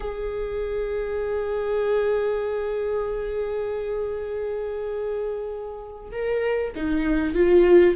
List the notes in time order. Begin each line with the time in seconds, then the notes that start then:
0.00 G#4
6.11 A#4
6.75 D#4
7.34 F4